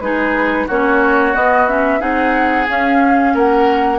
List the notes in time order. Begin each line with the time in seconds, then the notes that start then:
0.00 G#3 D#4 G#4 B4
0.67 A#3 C#4 F#4 C#5
1.34 B3 D#5
1.67 C#4 E5
2.00 C4 D#4 G#4 F#5
2.68 C#4 F5
3.34 A#3 A#4 F#5